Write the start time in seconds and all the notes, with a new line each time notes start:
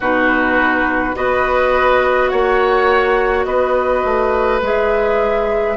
0.00 B2 D#4 F#4 B4
1.14 B3 F#4 B4 D#5
2.28 A#3 C#5 F#5
3.44 B3 B4 D#5
4.04 A3
4.61 G#3 G#4 E5